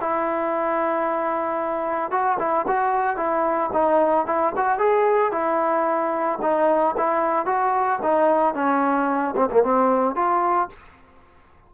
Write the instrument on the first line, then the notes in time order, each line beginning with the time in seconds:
trombone
0.00 E4
2.11 F#4
2.39 E4
2.67 F#4
3.16 E4
3.73 D#4
4.26 E4
4.56 F#4
4.78 G#4
5.32 E4
6.41 D#4
6.97 E4
7.45 F#4
8.02 D#4
8.54 C#4
9.36 C4
9.50 A#3
9.63 C4
10.15 F4